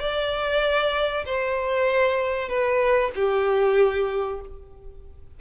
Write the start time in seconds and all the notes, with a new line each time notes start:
0.00 D5
1.26 C5
2.49 B4
3.16 G4